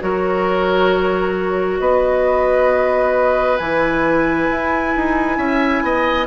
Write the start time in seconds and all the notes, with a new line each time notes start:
0.00 F#3 F#4 A#4 C#5
1.79 B3 B4 D#5
3.57 E3 E4 G#5
4.50 E4
4.96 D#4
5.38 C#4 E5
5.83 B3 D#5